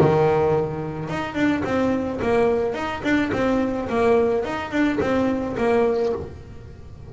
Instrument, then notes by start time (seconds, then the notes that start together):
double bass
0.00 D#3
1.10 D#4
1.35 D4
1.65 C4
2.22 A#3
2.74 D#4
3.04 D4
3.33 C4
3.89 A#3
4.45 D#4
4.71 D4
5.01 C4
5.58 A#3